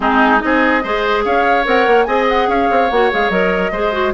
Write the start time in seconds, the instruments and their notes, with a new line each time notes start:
0.00 bassoon G#3, clarinet C4, oboe D#4, flute G#4
0.39 bassoon C4, clarinet D#4, oboe G#4, flute D#5
0.83 bassoon G#3, clarinet G#4, oboe C5
1.24 bassoon C#4, oboe C#5, flute F5
1.64 bassoon C4, clarinet A#4, flute F#5
1.86 bassoon A#3
2.04 bassoon C4, clarinet G#4, oboe D#5, flute G#5
2.28 flute F#5
2.48 bassoon C#4, oboe C#5, flute F5
2.70 bassoon C4
2.90 bassoon A#3, clarinet F#4, flute F#5
3.11 bassoon G#3, clarinet G#4, flute F5
3.29 bassoon F#3, clarinet A#4, flute D#5
3.71 bassoon G#3, clarinet G#4, oboe C5
3.92 clarinet F#4